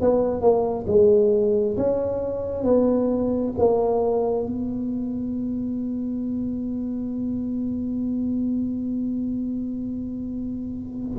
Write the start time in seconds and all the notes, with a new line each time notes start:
0.00 B3
0.40 A#3
0.87 G#3
1.77 C#4
2.63 B3
3.58 A#3
4.46 B3